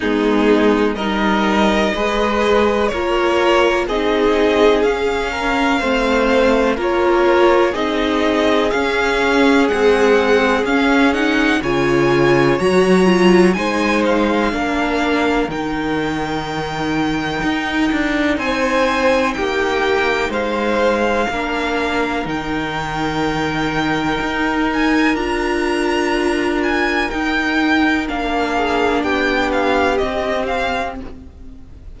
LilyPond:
<<
  \new Staff \with { instrumentName = "violin" } { \time 4/4 \tempo 4 = 62 gis'4 dis''2 cis''4 | dis''4 f''2 cis''4 | dis''4 f''4 fis''4 f''8 fis''8 | gis''4 ais''4 gis''8 f''4. |
g''2. gis''4 | g''4 f''2 g''4~ | g''4. gis''8 ais''4. gis''8 | g''4 f''4 g''8 f''8 dis''8 f''8 | }
  \new Staff \with { instrumentName = "violin" } { \time 4/4 dis'4 ais'4 b'4 ais'4 | gis'4. ais'8 c''4 ais'4 | gis'1 | cis''2 c''4 ais'4~ |
ais'2. c''4 | g'4 c''4 ais'2~ | ais'1~ | ais'4. gis'8 g'2 | }
  \new Staff \with { instrumentName = "viola" } { \time 4/4 b4 dis'4 gis'4 f'4 | dis'4 cis'4 c'4 f'4 | dis'4 cis'4 gis4 cis'8 dis'8 | f'4 fis'8 f'8 dis'4 d'4 |
dis'1~ | dis'2 d'4 dis'4~ | dis'2 f'2 | dis'4 d'2 c'4 | }
  \new Staff \with { instrumentName = "cello" } { \time 4/4 gis4 g4 gis4 ais4 | c'4 cis'4 a4 ais4 | c'4 cis'4 c'4 cis'4 | cis4 fis4 gis4 ais4 |
dis2 dis'8 d'8 c'4 | ais4 gis4 ais4 dis4~ | dis4 dis'4 d'2 | dis'4 ais4 b4 c'4 | }
>>